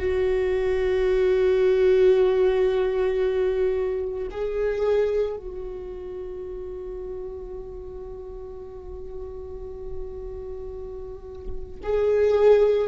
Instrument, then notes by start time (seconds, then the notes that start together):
viola
0.00 F#4
4.31 G#4
5.37 F#4
11.83 G#4